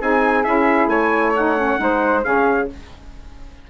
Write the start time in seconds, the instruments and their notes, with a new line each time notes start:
0.00 bassoon C4, saxophone D#4, flute G#4, trumpet G#5
0.44 bassoon C#4, saxophone E4, trumpet E5
0.87 bassoon A3, flute C#5, trumpet G#5
1.35 saxophone D#4, trumpet F#5
1.57 saxophone C#4
1.78 bassoon G#3, saxophone D#4, flute C5
2.24 bassoon C#3, saxophone C#4, flute G#4, trumpet F5